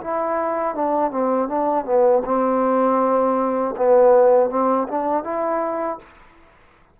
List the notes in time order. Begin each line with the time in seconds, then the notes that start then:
0.00 E4
0.75 D4
1.11 C4
1.48 D4
1.85 B3
2.25 C4
3.76 B3
4.49 C4
4.88 D4
5.23 E4